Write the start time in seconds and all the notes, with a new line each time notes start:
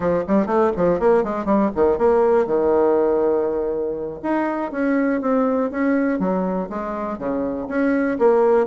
0.00 F3
0.27 G3
0.46 A3
0.76 F3
0.99 A#3
1.23 G#3
1.45 G3
1.75 D#3
1.97 A#3
2.46 D#3
4.23 D#4
4.71 C#4
5.21 C4
5.70 C#4
6.19 F#3
6.69 G#3
7.18 C#3
7.68 C#4
8.19 A#3